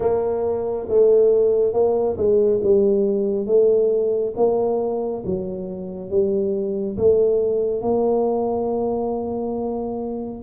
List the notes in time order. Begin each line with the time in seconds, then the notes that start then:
0.00 A#3
0.89 A3
1.73 A#3
2.17 G#3
2.63 G3
3.46 A3
4.36 A#3
5.25 F#3
6.09 G3
6.97 A3
7.81 A#3